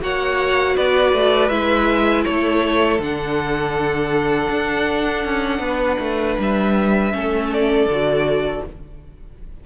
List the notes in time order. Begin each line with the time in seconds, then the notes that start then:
0.00 A#3 F#4 C#5 F#5
0.75 B3 B4 D5
1.13 A3
1.48 G#3 E4 E5
2.24 A3 A4 C#5
2.99 D3 D4 F#5
4.49 D4
5.24 C#4
5.59 B3 B4
5.99 A3
6.38 G3 E5
7.12 A3 C#4 A4
7.53 D5
7.85 D3 F#4